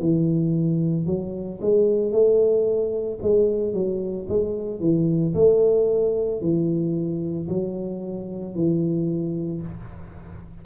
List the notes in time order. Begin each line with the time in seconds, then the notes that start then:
0.00 E3
1.07 F#3
1.61 G#3
2.12 A3
3.22 G#3
3.74 F#3
4.29 G#3
4.80 E3
5.34 A3
6.41 E3
7.49 F#3
8.55 E3